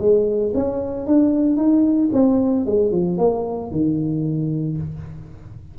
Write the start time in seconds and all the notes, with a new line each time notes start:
0.00 G#3
0.55 C#4
1.07 D4
1.57 D#4
2.13 C4
2.66 G#3
2.92 F3
3.18 A#3
3.71 D#3